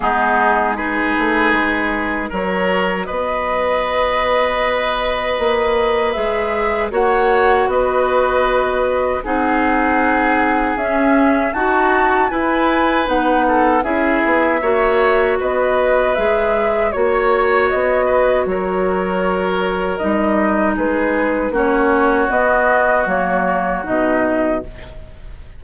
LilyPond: <<
  \new Staff \with { instrumentName = "flute" } { \time 4/4 \tempo 4 = 78 gis'4 b'2 cis''4 | dis''1 | e''4 fis''4 dis''2 | fis''2 e''4 a''4 |
gis''4 fis''4 e''2 | dis''4 e''4 cis''4 dis''4 | cis''2 dis''4 b'4 | cis''4 dis''4 cis''4 dis''4 | }
  \new Staff \with { instrumentName = "oboe" } { \time 4/4 dis'4 gis'2 ais'4 | b'1~ | b'4 cis''4 b'2 | gis'2. fis'4 |
b'4. a'8 gis'4 cis''4 | b'2 cis''4. b'8 | ais'2. gis'4 | fis'1 | }
  \new Staff \with { instrumentName = "clarinet" } { \time 4/4 b4 dis'2 fis'4~ | fis'1 | gis'4 fis'2. | dis'2 cis'4 fis'4 |
e'4 dis'4 e'4 fis'4~ | fis'4 gis'4 fis'2~ | fis'2 dis'2 | cis'4 b4 ais4 dis'4 | }
  \new Staff \with { instrumentName = "bassoon" } { \time 4/4 gis4. a8 gis4 fis4 | b2. ais4 | gis4 ais4 b2 | c'2 cis'4 dis'4 |
e'4 b4 cis'8 b8 ais4 | b4 gis4 ais4 b4 | fis2 g4 gis4 | ais4 b4 fis4 b,4 | }
>>